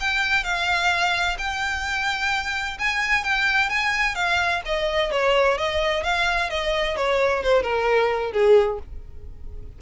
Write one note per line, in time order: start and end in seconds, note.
0.00 0.44 G5
0.44 1.37 F5
1.38 2.78 G5
2.79 3.23 G#5
3.23 3.69 G5
3.69 4.15 G#5
4.15 4.61 F5
4.65 5.11 D#5
5.11 5.58 C#5
5.58 6.03 D#5
6.03 6.50 F5
6.50 6.96 D#5
6.96 7.43 C#5
7.43 7.63 C5
7.63 8.32 A#4
8.32 8.79 G#4